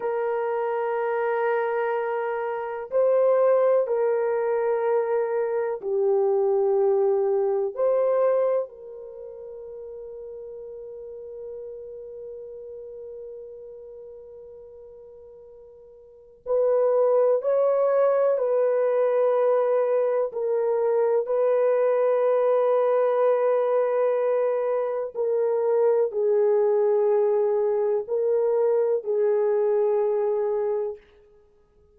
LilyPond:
\new Staff \with { instrumentName = "horn" } { \time 4/4 \tempo 4 = 62 ais'2. c''4 | ais'2 g'2 | c''4 ais'2.~ | ais'1~ |
ais'4 b'4 cis''4 b'4~ | b'4 ais'4 b'2~ | b'2 ais'4 gis'4~ | gis'4 ais'4 gis'2 | }